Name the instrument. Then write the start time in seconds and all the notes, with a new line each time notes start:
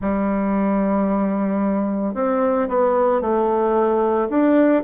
bassoon
0.01 G3
2.14 C4
2.68 B3
3.21 A3
4.29 D4